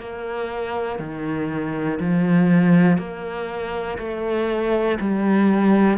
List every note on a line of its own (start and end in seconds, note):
0.00 1.00 A#3
1.00 2.00 D#3
2.00 2.98 F3
2.98 3.98 A#3
3.99 4.99 A3
5.00 5.98 G3